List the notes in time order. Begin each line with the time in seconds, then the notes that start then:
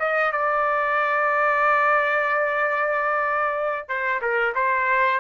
0.00 D#5
0.32 D5
3.89 C5
4.22 A#4
4.55 C5